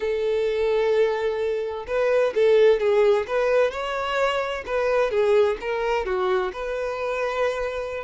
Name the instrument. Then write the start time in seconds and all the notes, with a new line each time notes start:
violin
0.00 A4
1.87 B4
2.34 A4
2.80 G#4
3.27 B4
3.71 C#5
4.66 B4
5.10 G#4
5.60 A#4
6.05 F#4
6.52 B4